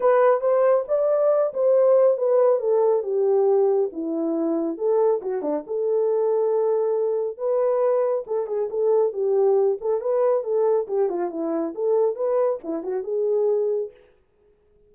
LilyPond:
\new Staff \with { instrumentName = "horn" } { \time 4/4 \tempo 4 = 138 b'4 c''4 d''4. c''8~ | c''4 b'4 a'4 g'4~ | g'4 e'2 a'4 | fis'8 d'8 a'2.~ |
a'4 b'2 a'8 gis'8 | a'4 g'4. a'8 b'4 | a'4 g'8 f'8 e'4 a'4 | b'4 e'8 fis'8 gis'2 | }